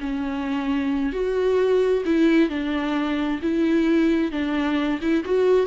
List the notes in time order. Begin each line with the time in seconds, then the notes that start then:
0.00 C#4
1.12 F#4
2.05 E4
2.49 D4
3.42 E4
4.31 D4
5.01 E4
5.24 F#4